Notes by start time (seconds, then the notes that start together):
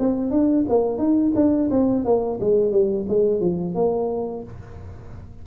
0.00 C4
0.31 D4
0.69 A#3
0.98 D#4
1.35 D4
1.71 C4
2.05 A#3
2.40 G#3
2.72 G3
3.09 G#3
3.41 F3
3.75 A#3